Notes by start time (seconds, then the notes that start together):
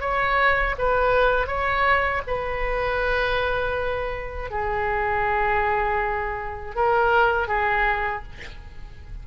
0.00 C#5
0.78 B4
1.47 C#5
2.27 B4
4.50 G#4
6.75 A#4
7.48 G#4